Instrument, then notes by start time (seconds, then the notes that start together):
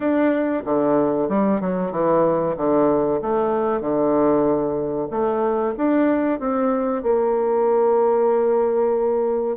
bassoon
0.00 D4
0.65 D3
1.29 G3
1.60 F#3
1.91 E3
2.56 D3
3.21 A3
3.80 D3
5.10 A3
5.77 D4
6.39 C4
7.02 A#3